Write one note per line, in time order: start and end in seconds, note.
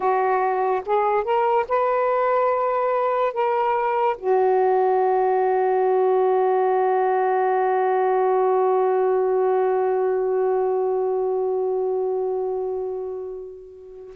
0.00 0.82 F#4
0.85 1.23 G#4
1.23 1.65 A#4
1.68 3.33 B4
3.33 4.16 A#4
4.17 14.16 F#4